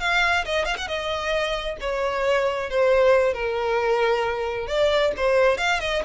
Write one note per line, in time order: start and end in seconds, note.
0.00 0.45 F5
0.45 0.65 D#5
0.65 0.76 F5
0.77 0.88 F#5
0.88 1.77 D#5
1.80 2.70 C#5
2.70 3.34 C5
3.34 4.67 A#4
4.67 5.12 D5
5.17 5.57 C5
5.57 5.80 F5
5.80 6.02 D#5